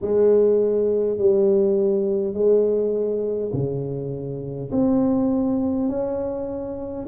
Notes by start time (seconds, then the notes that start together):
0.01 G#3
1.18 G3
2.33 G#3
3.53 C#3
4.71 C4
5.88 C#4